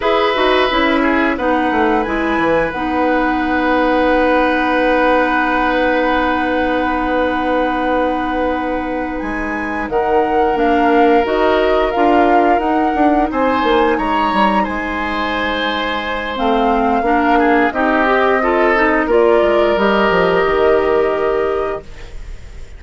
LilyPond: <<
  \new Staff \with { instrumentName = "flute" } { \time 4/4 \tempo 4 = 88 e''2 fis''4 gis''4 | fis''1~ | fis''1~ | fis''4. gis''4 fis''4 f''8~ |
f''8 dis''4 f''4 fis''4 gis''8~ | gis''8 ais''4 gis''2~ gis''8 | f''2 dis''2 | d''4 dis''2. | }
  \new Staff \with { instrumentName = "oboe" } { \time 4/4 b'4. gis'8 b'2~ | b'1~ | b'1~ | b'2~ b'8 ais'4.~ |
ais'2.~ ais'8 c''8~ | c''8 cis''4 c''2~ c''8~ | c''4 ais'8 gis'8 g'4 a'4 | ais'1 | }
  \new Staff \with { instrumentName = "clarinet" } { \time 4/4 gis'8 fis'8 e'4 dis'4 e'4 | dis'1~ | dis'1~ | dis'2.~ dis'8 d'8~ |
d'8 fis'4 f'4 dis'4.~ | dis'1 | c'4 d'4 dis'8 g'8 f'8 dis'8 | f'4 g'2. | }
  \new Staff \with { instrumentName = "bassoon" } { \time 4/4 e'8 dis'8 cis'4 b8 a8 gis8 e8 | b1~ | b1~ | b4. gis4 dis4 ais8~ |
ais8 dis'4 d'4 dis'8 d'8 c'8 | ais8 gis8 g8 gis2~ gis8 | a4 ais4 c'2 | ais8 gis8 g8 f8 dis2 | }
>>